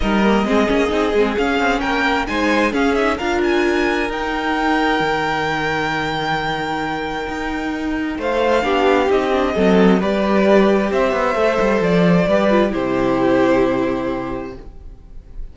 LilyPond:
<<
  \new Staff \with { instrumentName = "violin" } { \time 4/4 \tempo 4 = 132 dis''2. f''4 | g''4 gis''4 f''8 e''8 f''8 gis''8~ | gis''4 g''2.~ | g''1~ |
g''2 f''2 | dis''2 d''2 | e''2 d''2 | c''1 | }
  \new Staff \with { instrumentName = "violin" } { \time 4/4 ais'4 gis'2. | ais'4 c''4 gis'4 ais'4~ | ais'1~ | ais'1~ |
ais'2 c''4 g'4~ | g'4 a'4 b'2 | c''2. b'4 | g'1 | }
  \new Staff \with { instrumentName = "viola" } { \time 4/4 dis'8 ais8 c'8 cis'8 dis'8 c'8 cis'4~ | cis'4 dis'4 cis'8 dis'8 f'4~ | f'4 dis'2.~ | dis'1~ |
dis'2. d'4 | dis'8 d'8 c'4 g'2~ | g'4 a'2 g'8 f'8 | e'1 | }
  \new Staff \with { instrumentName = "cello" } { \time 4/4 g4 gis8 ais8 c'8 gis8 cis'8 c'8 | ais4 gis4 cis'4 d'4~ | d'4 dis'2 dis4~ | dis1 |
dis'2 a4 b4 | c'4 fis4 g2 | c'8 b8 a8 g8 f4 g4 | c1 | }
>>